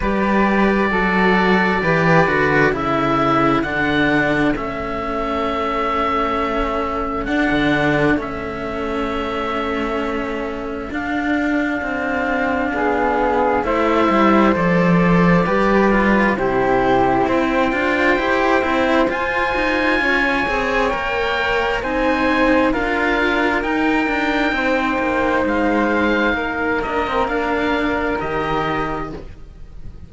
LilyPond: <<
  \new Staff \with { instrumentName = "oboe" } { \time 4/4 \tempo 4 = 66 d''2. e''4 | fis''4 e''2. | fis''4 e''2. | f''2. e''4 |
d''2 c''4 g''4~ | g''4 gis''2 g''4 | gis''4 f''4 g''2 | f''4. dis''8 f''4 dis''4 | }
  \new Staff \with { instrumentName = "flute" } { \time 4/4 b'4 a'4 b'4 a'4~ | a'1~ | a'1~ | a'2 gis'4 c''4~ |
c''4 b'4 g'4 c''4~ | c''2 cis''2 | c''4 ais'2 c''4~ | c''4 ais'2. | }
  \new Staff \with { instrumentName = "cello" } { \time 4/4 g'4 fis'4 g'8 fis'8 e'4 | d'4 cis'2. | d'4 cis'2. | d'2. e'4 |
a'4 g'8 f'8 e'4. f'8 | g'8 e'8 f'4. gis'8 ais'4 | dis'4 f'4 dis'2~ | dis'4. d'16 c'16 d'4 g'4 | }
  \new Staff \with { instrumentName = "cello" } { \time 4/4 g4 fis4 e8 d8 cis4 | d4 a2. | d'16 d8. a2. | d'4 c'4 b4 a8 g8 |
f4 g4 c4 c'8 d'8 | e'8 c'8 f'8 dis'8 cis'8 c'8 ais4 | c'4 d'4 dis'8 d'8 c'8 ais8 | gis4 ais2 dis4 | }
>>